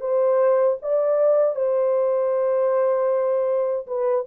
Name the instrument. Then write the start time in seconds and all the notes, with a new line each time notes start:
horn
0.00 C5
0.82 D5
1.56 C5
3.86 B4